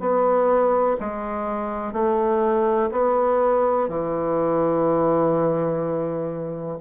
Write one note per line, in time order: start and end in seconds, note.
0.00 0.97 B3
1.00 1.93 G#3
1.93 2.90 A3
2.92 3.89 B3
3.89 6.79 E3